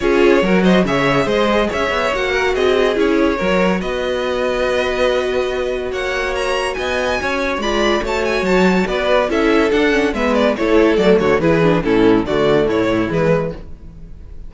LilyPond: <<
  \new Staff \with { instrumentName = "violin" } { \time 4/4 \tempo 4 = 142 cis''4. dis''8 e''4 dis''4 | e''4 fis''4 dis''4 cis''4~ | cis''4 dis''2.~ | dis''2 fis''4 ais''4 |
gis''2 b''4 a''8 gis''8 | a''4 d''4 e''4 fis''4 | e''8 d''8 cis''4 d''8 cis''8 b'4 | a'4 d''4 cis''4 b'4 | }
  \new Staff \with { instrumentName = "violin" } { \time 4/4 gis'4 ais'8 c''8 cis''4 c''4 | cis''4. ais'8 gis'2 | ais'4 b'2.~ | b'2 cis''2 |
dis''4 cis''4 d''4 cis''4~ | cis''4 b'4 a'2 | b'4 a'4. fis'8 gis'4 | e'4 fis'4 e'2 | }
  \new Staff \with { instrumentName = "viola" } { \time 4/4 f'4 fis'4 gis'2~ | gis'4 fis'2 e'4 | fis'1~ | fis'1~ |
fis'2 f'4 fis'4~ | fis'2 e'4 d'8 cis'8 | b4 e'4 a4 e'8 d'8 | cis'4 a2 gis4 | }
  \new Staff \with { instrumentName = "cello" } { \time 4/4 cis'4 fis4 cis4 gis4 | cis'8 b8 ais4 c'4 cis'4 | fis4 b2.~ | b2 ais2 |
b4 cis'4 gis4 a4 | fis4 b4 cis'4 d'4 | gis4 a4 fis8 d8 e4 | a,4 d4 a,4 e4 | }
>>